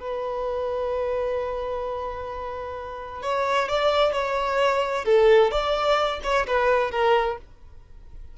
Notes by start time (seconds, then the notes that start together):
0.00 B4
3.22 C#5
3.68 D5
4.12 C#5
5.05 A4
5.51 D5
6.23 C#5
6.47 B4
6.91 A#4